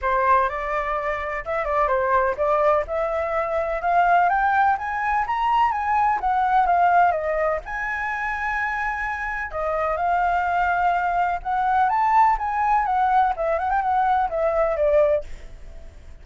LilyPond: \new Staff \with { instrumentName = "flute" } { \time 4/4 \tempo 4 = 126 c''4 d''2 e''8 d''8 | c''4 d''4 e''2 | f''4 g''4 gis''4 ais''4 | gis''4 fis''4 f''4 dis''4 |
gis''1 | dis''4 f''2. | fis''4 a''4 gis''4 fis''4 | e''8 fis''16 g''16 fis''4 e''4 d''4 | }